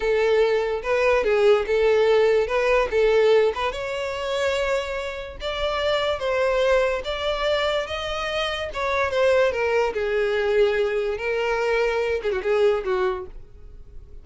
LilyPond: \new Staff \with { instrumentName = "violin" } { \time 4/4 \tempo 4 = 145 a'2 b'4 gis'4 | a'2 b'4 a'4~ | a'8 b'8 cis''2.~ | cis''4 d''2 c''4~ |
c''4 d''2 dis''4~ | dis''4 cis''4 c''4 ais'4 | gis'2. ais'4~ | ais'4. gis'16 fis'16 gis'4 fis'4 | }